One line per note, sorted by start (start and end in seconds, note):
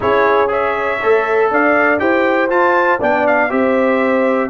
0.00 1.02 C#4
0.00 0.47 E4
0.00 0.50 G#4
0.00 0.51 C#5
0.47 0.97 G#4
0.47 1.50 C#5
0.47 1.51 E5
1.02 1.50 A3
1.02 1.98 A4
1.50 2.00 D4
1.50 2.01 D5
1.50 1.99 F5
1.98 2.50 E4
1.98 2.48 G4
1.98 2.99 C5
1.98 2.49 G5
2.49 2.99 F4
2.49 3.00 F4
2.49 3.00 A5
2.99 3.51 B3
2.99 3.49 D4
2.99 3.49 D5
2.99 3.26 G5
3.26 3.51 F5
3.49 4.49 C4
3.49 4.49 G4
3.49 4.49 C5
3.49 4.49 E5